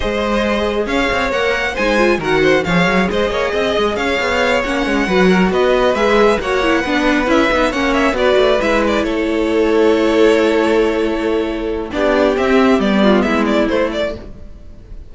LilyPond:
<<
  \new Staff \with { instrumentName = "violin" } { \time 4/4 \tempo 4 = 136 dis''2 f''4 fis''4 | gis''4 fis''4 f''4 dis''4~ | dis''4 f''4. fis''4.~ | fis''8 dis''4 e''4 fis''4.~ |
fis''8 e''4 fis''8 e''8 d''4 e''8 | d''8 cis''2.~ cis''8~ | cis''2. d''4 | e''4 d''4 e''8 d''8 c''8 d''8 | }
  \new Staff \with { instrumentName = "violin" } { \time 4/4 c''2 cis''2 | c''4 ais'8 c''8 cis''4 c''8 cis''8 | dis''4 cis''2~ cis''8 b'8 | ais'8 b'2 cis''4 b'8~ |
b'4. cis''4 b'4.~ | b'8 a'2.~ a'8~ | a'2. g'4~ | g'4. f'8 e'2 | }
  \new Staff \with { instrumentName = "viola" } { \time 4/4 gis'2. ais'4 | dis'8 f'8 fis'4 gis'2~ | gis'2~ gis'8 cis'4 fis'8~ | fis'4. gis'4 fis'8 e'8 d'8~ |
d'8 e'8 dis'8 cis'4 fis'4 e'8~ | e'1~ | e'2. d'4 | c'4 b2 a4 | }
  \new Staff \with { instrumentName = "cello" } { \time 4/4 gis2 cis'8 c'8 ais4 | gis4 dis4 f8 fis8 gis8 ais8 | c'8 gis8 cis'8 b4 ais8 gis8 fis8~ | fis8 b4 gis4 ais4 b8~ |
b8 cis'8 b8 ais4 b8 a8 gis8~ | gis8 a2.~ a8~ | a2. b4 | c'4 g4 gis4 a4 | }
>>